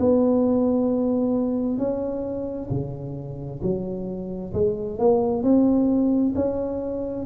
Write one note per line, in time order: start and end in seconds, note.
0.00 1.79 B3
1.79 2.69 C#4
2.71 3.62 C#3
3.62 4.53 F#3
4.54 4.99 G#3
4.99 5.43 A#3
5.43 6.34 C4
6.36 7.26 C#4